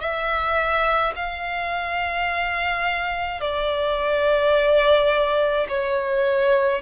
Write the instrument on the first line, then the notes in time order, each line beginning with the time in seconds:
violin
0.00 E5
1.16 F5
3.41 D5
5.69 C#5